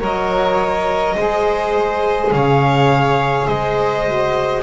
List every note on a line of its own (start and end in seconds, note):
0.00 1.16 F#3
0.00 1.15 A#4
0.00 1.15 C#5
0.00 2.31 D#5
1.17 2.31 G#3
1.17 4.06 G#4
1.17 2.32 C5
2.31 3.47 C#3
2.31 3.48 C#5
2.31 3.47 F5
3.47 4.63 G#3
3.47 4.63 C5
3.47 4.62 D#5
4.06 4.63 F#4